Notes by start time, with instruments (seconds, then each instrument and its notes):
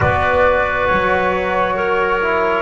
0.00 double bass B3, trombone F#4, clarinet B4, flute D5
0.87 double bass F#3, flute C#5
1.75 clarinet A#4
2.21 trombone E4